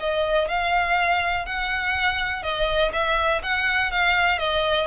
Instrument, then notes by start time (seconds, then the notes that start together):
violin
0.00 D#5
0.48 F5
1.46 F#5
2.43 D#5
2.93 E5
3.43 F#5
3.91 F5
4.39 D#5